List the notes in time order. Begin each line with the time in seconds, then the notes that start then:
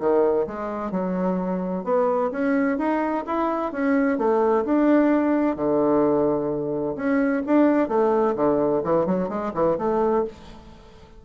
0.00 D#3
0.47 G#3
0.91 F#3
1.84 B3
2.31 C#4
2.78 D#4
3.26 E4
3.72 C#4
4.18 A3
4.65 D4
5.56 D3
6.96 C#4
7.46 D4
7.89 A3
8.36 D3
8.84 E3
9.06 F#3
9.29 G#3
9.54 E3
9.78 A3